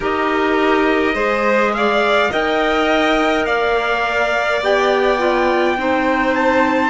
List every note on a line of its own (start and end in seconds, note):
0.00 1.14 D#4
0.00 1.14 G4
0.00 1.14 A#4
0.00 1.74 D#5
1.14 2.29 G#3
1.14 2.30 G#4
1.14 1.72 C5
1.74 2.30 D5
1.74 2.31 F5
2.30 3.46 D#4
2.30 4.62 A#4
2.30 3.45 D#5
2.30 3.45 G5
3.45 4.62 A#3
3.45 5.76 D5
3.45 4.61 F5
4.62 5.77 B3
4.62 5.18 G4
4.62 6.34 G5
5.18 5.75 F4
5.77 6.90 C4
5.77 6.90 D#4
5.77 6.90 C5
6.34 6.90 A5